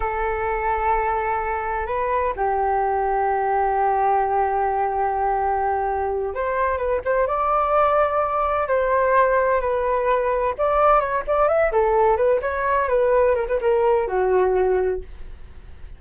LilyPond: \new Staff \with { instrumentName = "flute" } { \time 4/4 \tempo 4 = 128 a'1 | b'4 g'2.~ | g'1~ | g'4. c''4 b'8 c''8 d''8~ |
d''2~ d''8 c''4.~ | c''8 b'2 d''4 cis''8 | d''8 e''8 a'4 b'8 cis''4 b'8~ | b'8 ais'16 b'16 ais'4 fis'2 | }